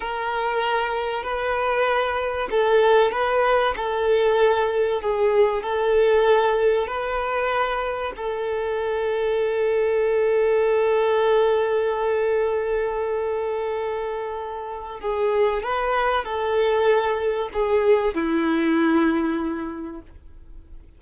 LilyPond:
\new Staff \with { instrumentName = "violin" } { \time 4/4 \tempo 4 = 96 ais'2 b'2 | a'4 b'4 a'2 | gis'4 a'2 b'4~ | b'4 a'2.~ |
a'1~ | a'1 | gis'4 b'4 a'2 | gis'4 e'2. | }